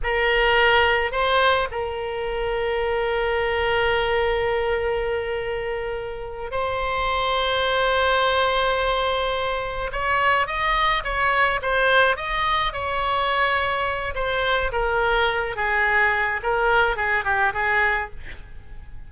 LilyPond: \new Staff \with { instrumentName = "oboe" } { \time 4/4 \tempo 4 = 106 ais'2 c''4 ais'4~ | ais'1~ | ais'2.~ ais'8 c''8~ | c''1~ |
c''4. cis''4 dis''4 cis''8~ | cis''8 c''4 dis''4 cis''4.~ | cis''4 c''4 ais'4. gis'8~ | gis'4 ais'4 gis'8 g'8 gis'4 | }